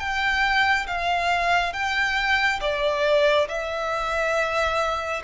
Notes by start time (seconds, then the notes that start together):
0.00 G5
0.88 F5
1.74 G5
2.61 D5
3.49 E5